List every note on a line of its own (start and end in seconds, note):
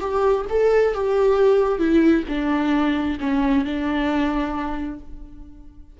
0.00 0.45 G4
0.49 0.94 A4
0.94 1.78 G4
1.78 2.24 E4
2.28 3.18 D4
3.20 3.64 C#4
3.64 5.00 D4